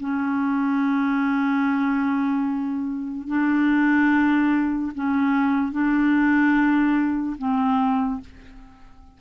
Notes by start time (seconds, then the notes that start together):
0.00 C#4
3.28 D4
4.95 C#4
5.72 D4
7.38 C4